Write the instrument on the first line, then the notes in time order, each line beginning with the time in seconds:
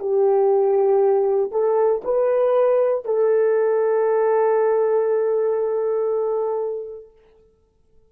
horn
0.00 G4
1.52 A4
2.04 B4
3.05 A4